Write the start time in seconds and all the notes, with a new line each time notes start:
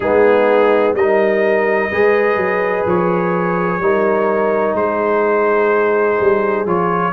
0.00 G#3 B3 D#4 G#4
0.94 G3 D#4 A#4 D#5
1.91 G#3 G#4 B4
2.36 F#3
2.86 F3 C#5
3.79 G3 D#4 A#4
4.73 G#3 G#4 C5
6.20 G3
6.65 F3 F4 C#5